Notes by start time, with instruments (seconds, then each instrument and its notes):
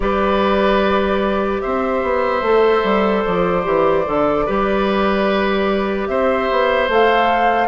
0.00 bassoon G3, clarinet G4, oboe B4, flute D5
1.61 bassoon C4, oboe C5, flute E5
2.03 bassoon B3
2.41 bassoon A3, clarinet A4
2.83 bassoon G3
3.24 bassoon F3, flute D5
3.63 bassoon E3, clarinet G4
4.05 bassoon D3, clarinet A4
4.45 bassoon G3, clarinet G4, oboe B4
6.07 bassoon C4, oboe C5, flute E5
6.50 bassoon B3
6.88 bassoon A3, clarinet A4, flute F5